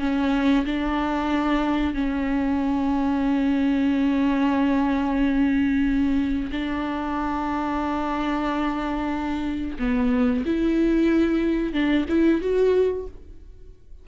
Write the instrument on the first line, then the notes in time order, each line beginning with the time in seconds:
viola
0.00 C#4
0.66 D4
1.94 C#4
6.52 D4
9.79 B3
10.46 E4
11.74 D4
12.09 E4
12.42 F#4